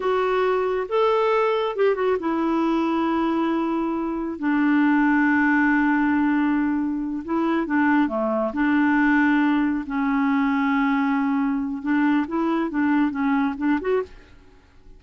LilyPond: \new Staff \with { instrumentName = "clarinet" } { \time 4/4 \tempo 4 = 137 fis'2 a'2 | g'8 fis'8 e'2.~ | e'2 d'2~ | d'1~ |
d'8 e'4 d'4 a4 d'8~ | d'2~ d'8 cis'4.~ | cis'2. d'4 | e'4 d'4 cis'4 d'8 fis'8 | }